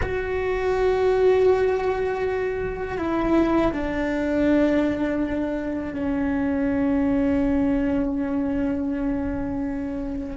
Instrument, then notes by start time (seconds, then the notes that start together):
cello
0.02 F#4
2.98 E4
3.72 D4
5.93 C#4